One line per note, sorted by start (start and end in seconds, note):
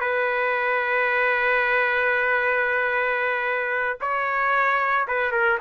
0.00 3.98 B4
4.00 5.06 C#5
5.07 5.31 B4
5.31 5.58 A#4